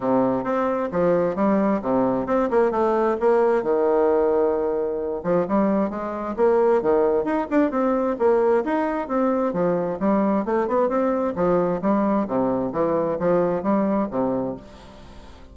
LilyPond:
\new Staff \with { instrumentName = "bassoon" } { \time 4/4 \tempo 4 = 132 c4 c'4 f4 g4 | c4 c'8 ais8 a4 ais4 | dis2.~ dis8 f8 | g4 gis4 ais4 dis4 |
dis'8 d'8 c'4 ais4 dis'4 | c'4 f4 g4 a8 b8 | c'4 f4 g4 c4 | e4 f4 g4 c4 | }